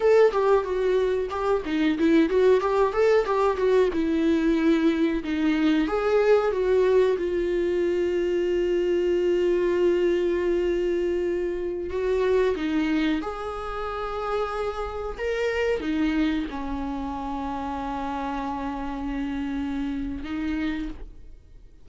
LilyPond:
\new Staff \with { instrumentName = "viola" } { \time 4/4 \tempo 4 = 92 a'8 g'8 fis'4 g'8 dis'8 e'8 fis'8 | g'8 a'8 g'8 fis'8 e'2 | dis'4 gis'4 fis'4 f'4~ | f'1~ |
f'2~ f'16 fis'4 dis'8.~ | dis'16 gis'2. ais'8.~ | ais'16 dis'4 cis'2~ cis'8.~ | cis'2. dis'4 | }